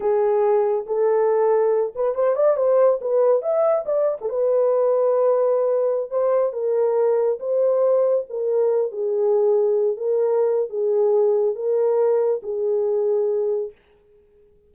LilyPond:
\new Staff \with { instrumentName = "horn" } { \time 4/4 \tempo 4 = 140 gis'2 a'2~ | a'8 b'8 c''8 d''8 c''4 b'4 | e''4 d''8. a'16 b'2~ | b'2~ b'16 c''4 ais'8.~ |
ais'4~ ais'16 c''2 ais'8.~ | ais'8. gis'2~ gis'8 ais'8.~ | ais'4 gis'2 ais'4~ | ais'4 gis'2. | }